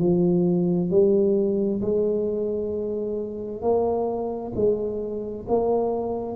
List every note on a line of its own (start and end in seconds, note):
0.00 0.90 F3
0.90 1.81 G3
1.82 3.62 G#3
3.62 4.53 A#3
4.55 5.46 G#3
5.48 6.36 A#3